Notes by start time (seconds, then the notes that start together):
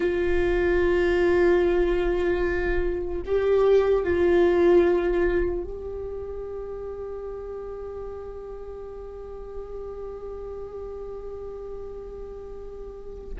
0.00 F4
3.25 G4
4.03 F4
5.64 G4